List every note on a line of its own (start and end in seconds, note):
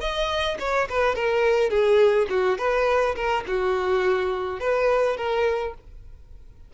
0.00 0.57 D#5
0.59 0.88 C#5
0.89 1.15 B4
1.15 1.70 A#4
1.70 2.27 G#4
2.29 2.58 F#4
2.58 3.15 B4
3.15 3.44 A#4
3.47 4.60 F#4
4.60 5.17 B4
5.17 5.74 A#4